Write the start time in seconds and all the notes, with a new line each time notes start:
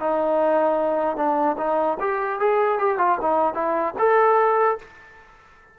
0.00 D#4
1.16 D4
1.57 D#4
2.00 G4
2.40 G#4
2.78 G4
2.98 F4
3.21 D#4
3.54 E4
3.98 A4